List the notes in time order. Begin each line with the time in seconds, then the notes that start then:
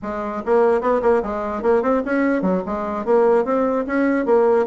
0.02 G#3
0.45 A#3
0.81 B3
1.02 A#3
1.22 G#3
1.62 A#3
1.82 C4
2.05 C#4
2.42 F#3
2.66 G#3
3.05 A#3
3.44 C4
3.86 C#4
4.25 A#3